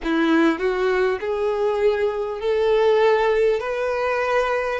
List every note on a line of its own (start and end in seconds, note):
0.03 0.58 E4
0.58 1.18 F#4
1.20 2.40 G#4
2.40 3.59 A4
3.59 4.79 B4